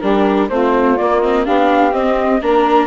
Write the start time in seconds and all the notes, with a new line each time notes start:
0.00 G3 D4 G4 A#4
0.49 A3 C4 F4 C5
0.97 A#3 D5
1.21 C4 D#5
1.44 B3 D4 G4 F5
1.91 C4 D#5
2.41 A#3 D4 A#4 A#5